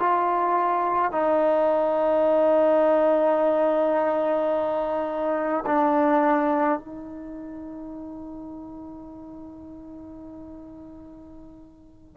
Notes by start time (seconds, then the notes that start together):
0.00 F4
1.12 D#4
5.67 D4
6.80 D#4